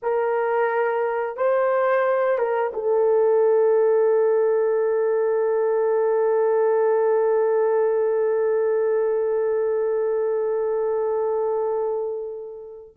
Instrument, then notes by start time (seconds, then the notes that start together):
horn
0.02 A#4
1.36 C5
2.38 A#4
2.73 A4